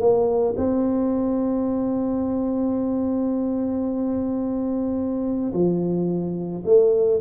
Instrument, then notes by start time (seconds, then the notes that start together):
tuba
0.00 A#3
0.57 C4
5.53 F3
6.66 A3